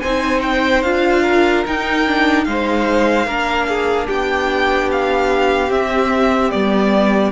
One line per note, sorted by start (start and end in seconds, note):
0.00 0.84 C4
0.00 0.85 D#4
0.00 1.22 C5
0.00 0.41 G#5
0.42 0.83 G5
0.83 1.65 D4
0.83 1.65 F4
0.83 1.64 F5
1.22 2.44 A#4
1.65 2.06 D#4
1.65 2.47 D#4
1.65 2.45 G5
2.07 2.46 D4
2.45 3.27 G#3
2.45 3.27 D#4
2.45 3.27 C5
2.45 4.07 F5
3.27 4.08 A#3
3.27 5.69 D4
3.27 3.67 A#4
3.68 4.07 G#4
4.07 5.71 B3
4.07 7.31 G4
4.07 4.90 G5
4.92 5.72 F5
5.69 6.50 C4
5.69 6.52 C4
5.69 6.51 E5
6.51 7.32 G3
6.51 7.32 B3
6.51 7.32 D5